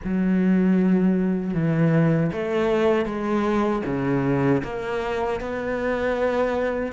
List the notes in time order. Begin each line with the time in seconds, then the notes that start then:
0.04 F#3
1.53 E3
2.32 A3
3.05 G#3
3.85 C#3
4.63 A#3
5.40 B3